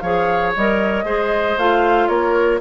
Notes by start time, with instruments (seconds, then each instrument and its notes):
0.00 bassoon F3, clarinet G#4, oboe C#5, flute F5
0.56 bassoon G3, clarinet A#4, flute D#5
1.04 bassoon G#3, clarinet G#4, oboe C5
1.58 bassoon A3, clarinet F4, flute F5
2.08 bassoon A#3, oboe A#4, flute C#5